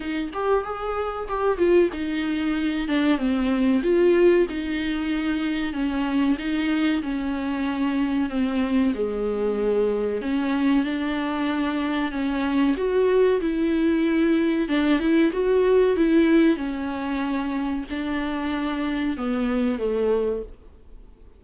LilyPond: \new Staff \with { instrumentName = "viola" } { \time 4/4 \tempo 4 = 94 dis'8 g'8 gis'4 g'8 f'8 dis'4~ | dis'8 d'8 c'4 f'4 dis'4~ | dis'4 cis'4 dis'4 cis'4~ | cis'4 c'4 gis2 |
cis'4 d'2 cis'4 | fis'4 e'2 d'8 e'8 | fis'4 e'4 cis'2 | d'2 b4 a4 | }